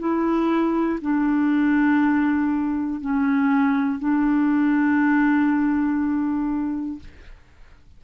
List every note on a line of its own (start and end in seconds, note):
0.00 1.00 E4
1.01 3.01 D4
3.01 4.00 C#4
4.00 7.00 D4